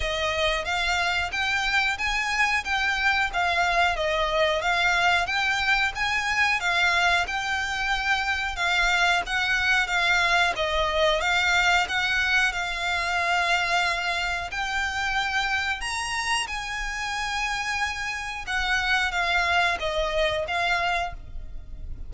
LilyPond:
\new Staff \with { instrumentName = "violin" } { \time 4/4 \tempo 4 = 91 dis''4 f''4 g''4 gis''4 | g''4 f''4 dis''4 f''4 | g''4 gis''4 f''4 g''4~ | g''4 f''4 fis''4 f''4 |
dis''4 f''4 fis''4 f''4~ | f''2 g''2 | ais''4 gis''2. | fis''4 f''4 dis''4 f''4 | }